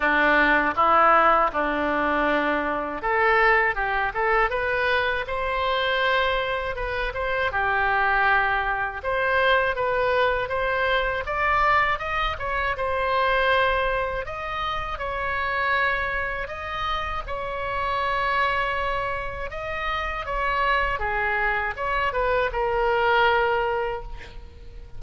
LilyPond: \new Staff \with { instrumentName = "oboe" } { \time 4/4 \tempo 4 = 80 d'4 e'4 d'2 | a'4 g'8 a'8 b'4 c''4~ | c''4 b'8 c''8 g'2 | c''4 b'4 c''4 d''4 |
dis''8 cis''8 c''2 dis''4 | cis''2 dis''4 cis''4~ | cis''2 dis''4 cis''4 | gis'4 cis''8 b'8 ais'2 | }